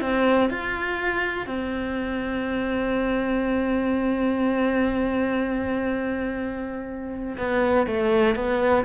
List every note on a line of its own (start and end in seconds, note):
0.00 0.49 C4
0.50 1.46 F4
1.46 7.36 C4
7.37 7.86 B3
7.86 8.35 A3
8.35 8.84 B3